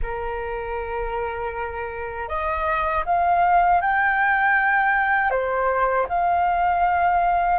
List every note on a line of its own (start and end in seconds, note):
0.02 2.28 A#4
2.28 3.04 D#5
3.06 3.81 F5
3.81 5.30 G5
5.30 6.06 C5
6.08 7.59 F5